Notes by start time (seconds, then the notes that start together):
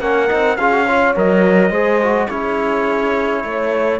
0.00 A#3 C#4 A#4 F#5
0.28 C4 D#4
0.57 C#4 F4 G#4 F5
0.71 F#4
0.85 F4 C#5
1.15 F#3 A#4 D#5
1.70 G#3 G#4 C5
2.02 F#4
2.28 C#4 E4 G#4 C#5
3.43 A3 C#5